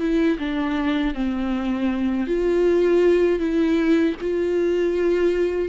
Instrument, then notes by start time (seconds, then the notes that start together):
viola
0.00 E4
0.39 D4
1.14 C4
2.27 F4
3.40 E4
4.21 F4